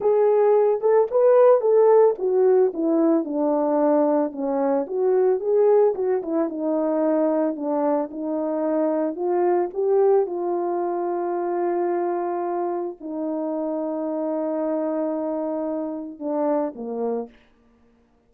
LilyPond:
\new Staff \with { instrumentName = "horn" } { \time 4/4 \tempo 4 = 111 gis'4. a'8 b'4 a'4 | fis'4 e'4 d'2 | cis'4 fis'4 gis'4 fis'8 e'8 | dis'2 d'4 dis'4~ |
dis'4 f'4 g'4 f'4~ | f'1 | dis'1~ | dis'2 d'4 ais4 | }